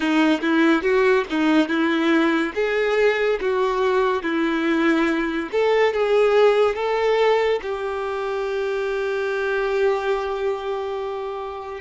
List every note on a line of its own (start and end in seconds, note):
0.00 0.40 D#4
0.41 0.82 E4
0.82 1.24 F#4
1.29 1.68 D#4
1.68 2.52 E4
2.55 3.39 G#4
3.40 4.23 F#4
4.23 5.49 E4
5.52 5.93 A4
5.93 6.75 G#4
6.75 7.59 A4
7.62 11.80 G4